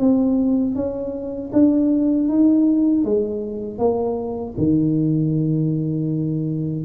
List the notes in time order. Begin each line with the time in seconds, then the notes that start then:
0.00 C4
0.76 C#4
1.53 D4
2.29 D#4
3.04 G#3
3.79 A#3
4.58 D#3